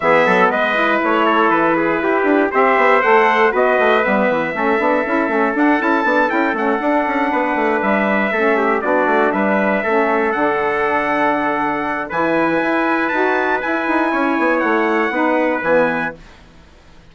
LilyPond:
<<
  \new Staff \with { instrumentName = "trumpet" } { \time 4/4 \tempo 4 = 119 e''4 dis''4 cis''4 b'4~ | b'4 e''4 fis''4 dis''4 | e''2. fis''8 a''8~ | a''8 g''8 fis''2~ fis''8 e''8~ |
e''4. d''4 e''4.~ | e''8 fis''2.~ fis''8 | gis''2 a''4 gis''4~ | gis''4 fis''2 gis''4 | }
  \new Staff \with { instrumentName = "trumpet" } { \time 4/4 gis'8 a'8 b'4. a'4 gis'8 | g'4 c''2 b'4~ | b'4 a'2.~ | a'2~ a'8 b'4.~ |
b'8 a'8 g'8 fis'4 b'4 a'8~ | a'1 | b'1 | cis''2 b'2 | }
  \new Staff \with { instrumentName = "saxophone" } { \time 4/4 b4. e'2~ e'8~ | e'4 g'4 a'4 fis'4 | b4 cis'8 d'8 e'8 cis'8 d'8 e'8 | d'8 e'8 cis'8 d'2~ d'8~ |
d'8 cis'4 d'2 cis'8~ | cis'8 d'2.~ d'8 | e'2 fis'4 e'4~ | e'2 dis'4 b4 | }
  \new Staff \with { instrumentName = "bassoon" } { \time 4/4 e8 fis8 gis4 a4 e4 | e'8 d'8 c'8 b8 a4 b8 a8 | g8 e8 a8 b8 cis'8 a8 d'8 cis'8 | b8 cis'8 a8 d'8 cis'8 b8 a8 g8~ |
g8 a4 b8 a8 g4 a8~ | a8 d2.~ d8 | e4 e'4 dis'4 e'8 dis'8 | cis'8 b8 a4 b4 e4 | }
>>